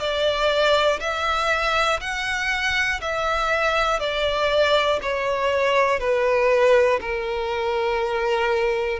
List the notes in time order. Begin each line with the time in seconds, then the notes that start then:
0.00 D5
1.00 E5
2.00 F#5
3.01 E5
4.00 D5
5.02 C#5
6.00 B4
7.00 A#4